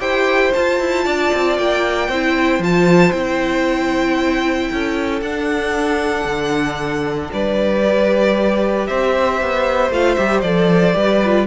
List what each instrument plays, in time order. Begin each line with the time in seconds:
0.00 cello E4, viola G4, violin C5 G5
0.54 viola F4, cello F4, violin A5
0.80 cello E4
1.05 cello D4, violin D5
1.34 cello C4
1.58 cello A#3, violin G5
2.09 cello C4, viola E4, violin C5
2.60 cello F3, viola F4, violin A5
3.12 cello C4, viola E4, violin G5
4.72 cello C#4, violin A4
5.22 cello D4, viola D4, violin F#5
6.25 cello D3
7.33 cello G3, violin B4 D5
7.84 viola G4
8.87 cello C4, violin C5 E5
9.42 cello B3
9.91 cello A3, viola F4, violin F5
10.15 cello G3, viola G4, violin E5
10.42 cello F3, viola A4, violin D5
10.94 cello G3, viola G4, violin B4
11.25 viola F4